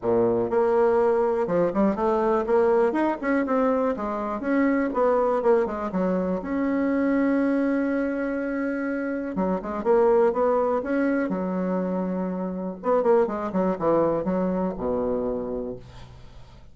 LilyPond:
\new Staff \with { instrumentName = "bassoon" } { \time 4/4 \tempo 4 = 122 ais,4 ais2 f8 g8 | a4 ais4 dis'8 cis'8 c'4 | gis4 cis'4 b4 ais8 gis8 | fis4 cis'2.~ |
cis'2. fis8 gis8 | ais4 b4 cis'4 fis4~ | fis2 b8 ais8 gis8 fis8 | e4 fis4 b,2 | }